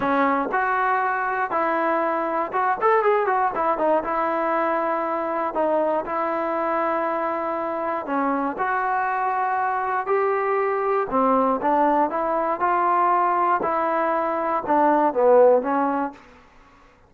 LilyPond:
\new Staff \with { instrumentName = "trombone" } { \time 4/4 \tempo 4 = 119 cis'4 fis'2 e'4~ | e'4 fis'8 a'8 gis'8 fis'8 e'8 dis'8 | e'2. dis'4 | e'1 |
cis'4 fis'2. | g'2 c'4 d'4 | e'4 f'2 e'4~ | e'4 d'4 b4 cis'4 | }